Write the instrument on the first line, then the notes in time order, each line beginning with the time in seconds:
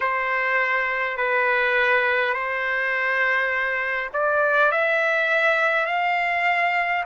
trumpet
0.00 C5
1.17 B4
2.33 C5
4.13 D5
4.71 E5
5.86 F5